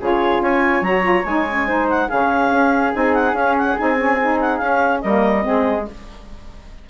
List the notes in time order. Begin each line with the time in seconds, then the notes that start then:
0.00 C#3 F4 G#4 C#5
0.40 C#4 C#5 G#5
0.81 F#3 F#4 A#5
1.02 F4
1.25 G#3 D#4 G#5
1.49 C#4
1.67 D#4 C5
1.89 F#5
2.08 C#3 C#4 G#4 F5
2.51 C#4
2.92 C4 D#4 G#5
3.14 F#5
3.33 C#4 F5
3.57 F#5
3.77 C4 D#4 G#5
3.96 C#4
4.21 D#4
4.40 F#5
4.57 C#4 F5
5.01 G3 A#3 A#4 D#5
5.43 G#3 C4 G#4